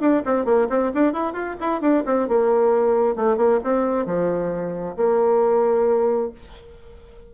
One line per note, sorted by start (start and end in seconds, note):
0.00 0.23 D4
0.26 0.45 C4
0.45 0.68 A#3
0.69 0.92 C4
0.94 1.13 D4
1.13 1.33 E4
1.33 1.56 F4
1.60 1.81 E4
1.81 2.03 D4
2.06 2.28 C4
2.28 3.16 A#3
3.16 3.37 A3
3.37 3.60 A#3
3.64 4.06 C4
4.06 4.96 F3
4.97 6.32 A#3